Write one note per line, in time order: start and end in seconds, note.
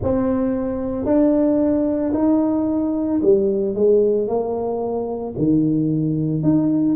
0.02 1.05 C4
1.05 2.12 D4
2.13 3.20 D#4
3.21 3.75 G3
3.75 4.27 G#3
4.27 5.34 A#3
5.37 6.42 D#3
6.42 6.95 D#4